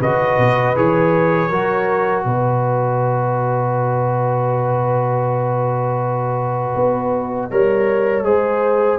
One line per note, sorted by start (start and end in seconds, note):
0.00 0.38 C#3
0.00 0.76 F#4
0.00 1.50 B4
0.00 0.77 D#5
0.39 0.77 B2
0.76 1.50 E3
0.76 1.51 G#4
0.76 2.23 C#5
1.50 2.25 F#3
1.50 7.51 F#4
1.50 2.25 A#4
2.23 6.75 B2
2.23 7.51 B4
2.23 8.98 D#5
6.76 7.51 B3
7.51 8.24 G3
7.51 8.24 A#4
7.51 8.25 C#5
8.24 8.99 G#3
8.24 8.99 G#4
8.24 8.99 C5